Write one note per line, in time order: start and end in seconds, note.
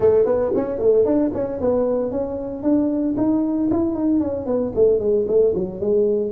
0.00 0.25 A3
0.25 0.51 B3
0.55 0.78 C#4
0.78 1.05 A3
1.05 1.31 D4
1.33 1.60 C#4
1.60 2.11 B3
2.11 2.62 C#4
2.62 3.15 D4
3.17 3.69 D#4
3.70 3.94 E4
3.94 4.20 D#4
4.20 4.46 C#4
4.46 4.72 B3
4.75 4.99 A3
4.99 5.26 G#3
5.27 5.54 A3
5.54 5.80 F#3
5.80 6.31 G#3